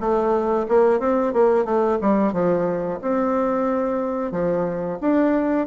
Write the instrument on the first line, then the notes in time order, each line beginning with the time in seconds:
bassoon
0.00 A3
0.69 A#3
1.00 C4
1.33 A#3
1.65 A3
2.02 G3
2.33 F3
3.02 C4
4.32 F3
5.01 D4